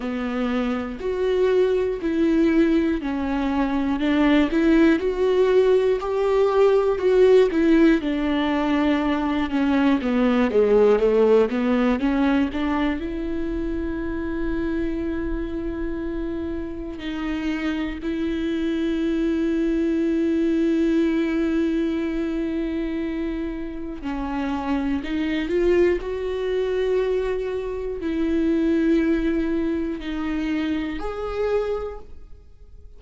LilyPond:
\new Staff \with { instrumentName = "viola" } { \time 4/4 \tempo 4 = 60 b4 fis'4 e'4 cis'4 | d'8 e'8 fis'4 g'4 fis'8 e'8 | d'4. cis'8 b8 gis8 a8 b8 | cis'8 d'8 e'2.~ |
e'4 dis'4 e'2~ | e'1 | cis'4 dis'8 f'8 fis'2 | e'2 dis'4 gis'4 | }